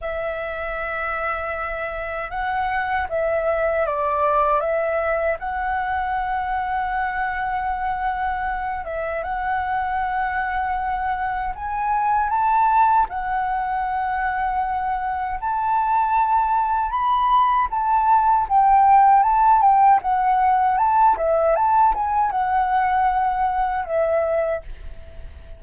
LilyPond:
\new Staff \with { instrumentName = "flute" } { \time 4/4 \tempo 4 = 78 e''2. fis''4 | e''4 d''4 e''4 fis''4~ | fis''2.~ fis''8 e''8 | fis''2. gis''4 |
a''4 fis''2. | a''2 b''4 a''4 | g''4 a''8 g''8 fis''4 a''8 e''8 | a''8 gis''8 fis''2 e''4 | }